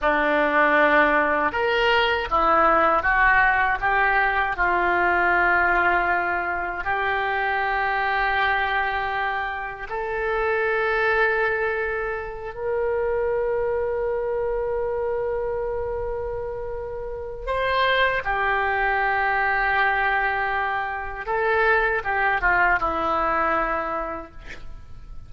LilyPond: \new Staff \with { instrumentName = "oboe" } { \time 4/4 \tempo 4 = 79 d'2 ais'4 e'4 | fis'4 g'4 f'2~ | f'4 g'2.~ | g'4 a'2.~ |
a'8 ais'2.~ ais'8~ | ais'2. c''4 | g'1 | a'4 g'8 f'8 e'2 | }